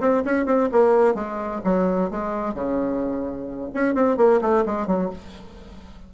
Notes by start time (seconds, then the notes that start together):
0.00 C4
0.25 C#4
0.46 C4
0.72 A#3
1.15 G#3
1.64 F#3
2.10 G#3
2.54 C#3
3.74 C#4
3.95 C4
4.17 A#3
4.41 A3
4.66 G#3
4.87 F#3